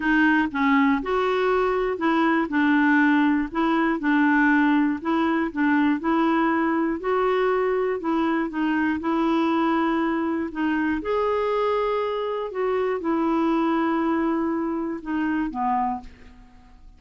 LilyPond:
\new Staff \with { instrumentName = "clarinet" } { \time 4/4 \tempo 4 = 120 dis'4 cis'4 fis'2 | e'4 d'2 e'4 | d'2 e'4 d'4 | e'2 fis'2 |
e'4 dis'4 e'2~ | e'4 dis'4 gis'2~ | gis'4 fis'4 e'2~ | e'2 dis'4 b4 | }